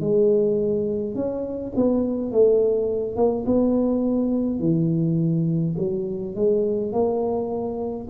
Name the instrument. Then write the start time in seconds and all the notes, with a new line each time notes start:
tuba
0.00 G#3
1.14 C#4
1.75 B3
2.31 A3
3.16 A#3
3.46 B3
4.59 E3
5.78 F#3
6.35 G#3
6.92 A#3